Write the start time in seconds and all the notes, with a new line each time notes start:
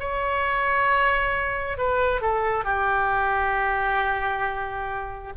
0.00 C#5
1.77 B4
2.21 A4
2.64 G4